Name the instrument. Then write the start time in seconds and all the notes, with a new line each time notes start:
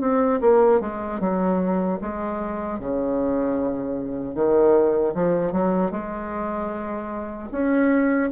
bassoon
0.00 C4
0.41 A#3
0.80 G#3
1.20 F#3
2.01 G#3
2.79 C#3
4.35 D#3
5.14 F3
5.52 F#3
5.91 G#3
7.51 C#4